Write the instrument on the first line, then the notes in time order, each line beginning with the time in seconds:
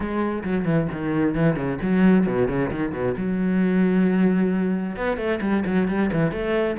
cello
0.00 G#3
0.43 F#3
0.65 E3
0.91 D#3
1.35 E3
1.55 C#3
1.81 F#3
2.26 B2
2.48 C#3
2.70 D#3
2.92 B2
3.17 F#3
4.96 B3
5.17 A3
5.41 G3
5.65 F#3
5.88 G3
6.12 E3
6.31 A3